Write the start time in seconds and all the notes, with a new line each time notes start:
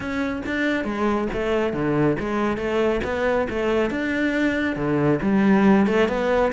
0.00 C#4
0.46 D4
0.84 G#3
1.33 A3
1.73 D3
2.19 G#3
2.57 A3
3.04 B3
3.49 A3
3.90 D4
4.75 D3
5.22 G3
5.87 A3
6.08 B3